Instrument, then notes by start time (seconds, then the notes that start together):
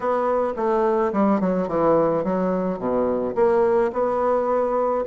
bassoon
0.00 B3
0.56 A3
1.12 G3
1.40 F#3
1.67 E3
2.24 F#3
2.79 B2
3.35 A#3
3.93 B3